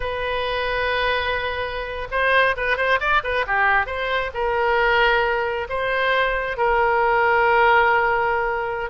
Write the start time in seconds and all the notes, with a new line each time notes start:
0.00 B4
2.11 C5
2.57 B4
2.77 C5
3.00 D5
3.23 B4
3.46 G4
3.86 C5
4.34 A#4
5.69 C5
6.57 A#4